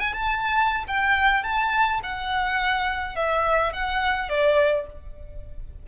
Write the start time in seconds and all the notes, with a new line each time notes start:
0.00 G#5
0.13 A5
0.87 G5
1.43 A5
2.03 F#5
3.15 E5
3.72 F#5
4.29 D5